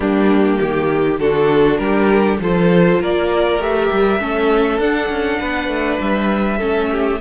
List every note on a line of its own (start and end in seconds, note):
0.00 0.58 G3
0.00 1.16 A#3
0.00 0.60 D4
0.00 1.19 G4
0.60 1.19 D#3
0.60 1.20 G4
1.19 1.78 D3
1.19 2.41 D4
1.19 1.79 F#4
1.19 1.77 A4
1.77 2.38 G3
1.77 2.40 G4
1.77 2.37 A#4
2.39 2.99 F3
2.39 3.60 F4
2.39 3.01 A4
2.39 3.02 C5
3.00 3.59 A#3
3.00 4.20 A#4
3.00 3.62 D5
3.59 3.89 A3
3.59 4.20 G4
3.59 4.80 E5
3.91 4.20 G3
4.20 4.78 A3
4.20 4.79 C#4
4.20 5.39 A4
4.78 5.08 D4
4.78 6.59 D4
4.78 6.00 F#5
5.08 5.38 C#4
5.39 5.68 B3
5.39 6.57 B4
5.68 5.98 A3
6.00 6.60 G3
6.00 7.20 E5
6.57 7.20 A3
6.57 7.19 C#4
6.57 6.87 A4
6.91 7.20 G4